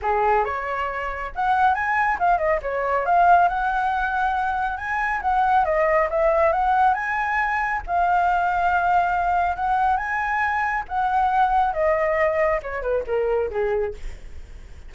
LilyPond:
\new Staff \with { instrumentName = "flute" } { \time 4/4 \tempo 4 = 138 gis'4 cis''2 fis''4 | gis''4 f''8 dis''8 cis''4 f''4 | fis''2. gis''4 | fis''4 dis''4 e''4 fis''4 |
gis''2 f''2~ | f''2 fis''4 gis''4~ | gis''4 fis''2 dis''4~ | dis''4 cis''8 b'8 ais'4 gis'4 | }